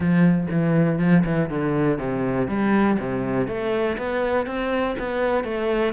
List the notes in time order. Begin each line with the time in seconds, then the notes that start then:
0.00 F3
0.50 E3
0.99 F3
1.25 E3
1.49 D3
1.98 C3
2.47 G3
2.99 C3
3.47 A3
3.97 B3
4.46 C4
4.98 B3
5.44 A3